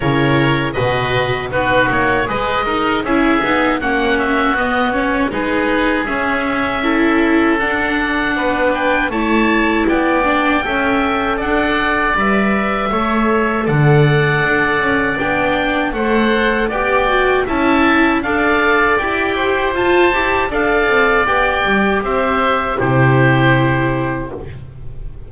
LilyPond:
<<
  \new Staff \with { instrumentName = "oboe" } { \time 4/4 \tempo 4 = 79 cis''4 dis''4 b'8 cis''8 dis''4 | e''4 fis''8 e''8 dis''8 cis''8 b'4 | e''2 fis''4. g''8 | a''4 g''2 fis''4 |
e''2 fis''2 | g''4 fis''4 g''4 a''4 | f''4 g''4 a''4 f''4 | g''4 e''4 c''2 | }
  \new Staff \with { instrumentName = "oboe" } { \time 4/4 ais'4 b'4 fis'4 b'8 ais'8 | gis'4 fis'2 gis'4~ | gis'4 a'2 b'4 | cis''4 d''4 e''4 d''4~ |
d''4 cis''4 d''2~ | d''4 c''4 d''4 e''4 | d''4. c''4. d''4~ | d''4 c''4 g'2 | }
  \new Staff \with { instrumentName = "viola" } { \time 4/4 e'4 fis'4 dis'4 gis'8 dis'8 | e'8 dis'8 cis'4 b8 cis'8 dis'4 | cis'4 e'4 d'2 | e'4. d'8 a'2 |
b'4 a'2. | d'4 a'4 g'8 fis'8 e'4 | a'4 g'4 f'8 g'8 a'4 | g'2 e'2 | }
  \new Staff \with { instrumentName = "double bass" } { \time 4/4 cis4 b,4 b8 ais8 gis4 | cis'8 b8 ais4 b4 gis4 | cis'2 d'4 b4 | a4 b4 cis'4 d'4 |
g4 a4 d4 d'8 cis'8 | b4 a4 b4 cis'4 | d'4 e'4 f'8 e'8 d'8 c'8 | b8 g8 c'4 c2 | }
>>